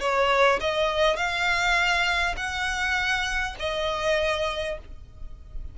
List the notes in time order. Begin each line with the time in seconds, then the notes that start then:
0.00 C#5
0.60 D#5
1.16 F5
2.37 F#5
3.59 D#5